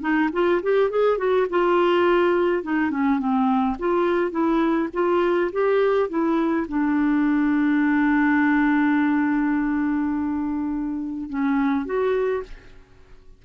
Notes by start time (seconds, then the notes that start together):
0.00 D#4
0.32 F4
0.62 G4
0.90 G#4
1.17 F#4
1.50 F4
2.63 D#4
2.90 C#4
3.19 C4
3.79 F4
4.31 E4
4.93 F4
5.52 G4
6.09 E4
6.68 D4
11.29 C#4
11.85 F#4